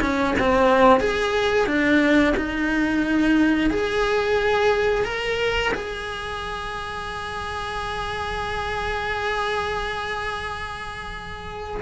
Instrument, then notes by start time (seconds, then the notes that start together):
cello
0.00 C#4
0.39 C4
1.00 G#4
1.66 D4
2.36 D#4
3.70 G#4
5.04 A#4
5.74 G#4